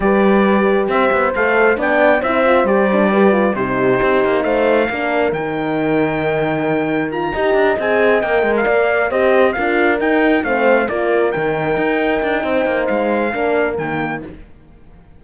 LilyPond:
<<
  \new Staff \with { instrumentName = "trumpet" } { \time 4/4 \tempo 4 = 135 d''2 e''4 f''4 | g''4 e''4 d''2 | c''2 f''2 | g''1 |
ais''4. gis''4 g''8. f''8.~ | f''8 dis''4 f''4 g''4 f''8~ | f''8 d''4 g''2~ g''8~ | g''4 f''2 g''4 | }
  \new Staff \with { instrumentName = "horn" } { \time 4/4 b'2 c''2 | d''4 c''2 b'4 | g'2 c''4 ais'4~ | ais'1~ |
ais'8 dis''2. d''8~ | d''8 c''4 ais'2 c''8~ | c''8 ais'2.~ ais'8 | c''2 ais'2 | }
  \new Staff \with { instrumentName = "horn" } { \time 4/4 g'2. a'4 | d'4 e'8 f'8 g'8 d'8 g'8 f'8 | dis'2. d'4 | dis'1 |
f'8 g'4 gis'4 ais'4.~ | ais'8 g'4 f'4 dis'4 c'8~ | c'8 f'4 dis'2~ dis'8~ | dis'2 d'4 ais4 | }
  \new Staff \with { instrumentName = "cello" } { \time 4/4 g2 c'8 b8 a4 | b4 c'4 g2 | c4 c'8 ais8 a4 ais4 | dis1~ |
dis8 dis'8 d'8 c'4 ais8 gis8 ais8~ | ais8 c'4 d'4 dis'4 a8~ | a8 ais4 dis4 dis'4 d'8 | c'8 ais8 gis4 ais4 dis4 | }
>>